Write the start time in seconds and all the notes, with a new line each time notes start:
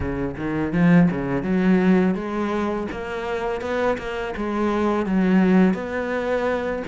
0.00 C#3
0.36 D#3
0.73 F3
1.10 C#3
1.43 F#3
2.15 G#3
2.91 A#3
3.61 B3
3.98 A#3
4.36 G#3
5.05 F#3
5.74 B3